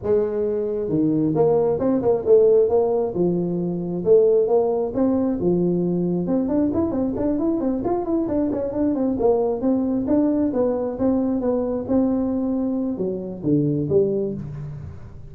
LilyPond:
\new Staff \with { instrumentName = "tuba" } { \time 4/4 \tempo 4 = 134 gis2 dis4 ais4 | c'8 ais8 a4 ais4 f4~ | f4 a4 ais4 c'4 | f2 c'8 d'8 e'8 c'8 |
d'8 e'8 c'8 f'8 e'8 d'8 cis'8 d'8 | c'8 ais4 c'4 d'4 b8~ | b8 c'4 b4 c'4.~ | c'4 fis4 d4 g4 | }